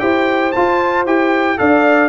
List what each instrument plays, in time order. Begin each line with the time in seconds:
0.00 tuba E4, trombone G4, horn C5, trumpet G5
0.52 trombone F4, tuba F4, trumpet A5
1.06 tuba E4, trombone G4, trumpet G5
1.58 tuba D4, trombone A4, horn D5, trumpet F5